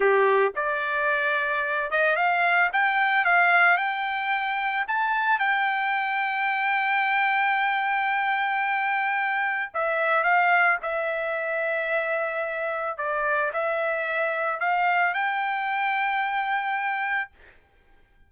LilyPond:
\new Staff \with { instrumentName = "trumpet" } { \time 4/4 \tempo 4 = 111 g'4 d''2~ d''8 dis''8 | f''4 g''4 f''4 g''4~ | g''4 a''4 g''2~ | g''1~ |
g''2 e''4 f''4 | e''1 | d''4 e''2 f''4 | g''1 | }